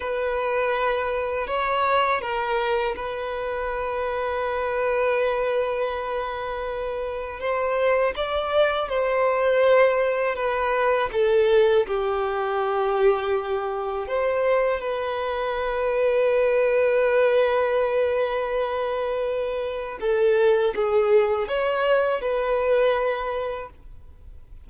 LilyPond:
\new Staff \with { instrumentName = "violin" } { \time 4/4 \tempo 4 = 81 b'2 cis''4 ais'4 | b'1~ | b'2 c''4 d''4 | c''2 b'4 a'4 |
g'2. c''4 | b'1~ | b'2. a'4 | gis'4 cis''4 b'2 | }